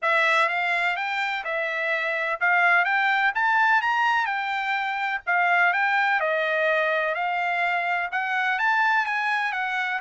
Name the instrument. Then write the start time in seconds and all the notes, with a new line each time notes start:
trumpet
0.02 E5
0.48 F5
0.96 G5
1.44 E5
2.40 F5
2.84 G5
3.34 A5
3.81 A#5
4.25 G5
5.26 F5
5.73 G5
6.19 D#5
7.14 F5
8.11 F#5
8.58 A5
9.06 G#5
9.52 F#5